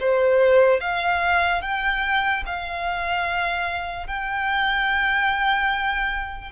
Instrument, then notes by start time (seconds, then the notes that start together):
violin
0.00 C5
0.80 F5
1.61 G5
2.46 F5
4.07 G5